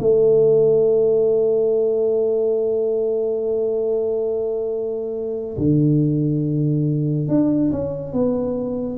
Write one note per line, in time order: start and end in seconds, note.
0.00 5.57 A3
5.57 7.28 D3
7.28 7.71 D4
7.72 8.13 C#4
8.13 8.98 B3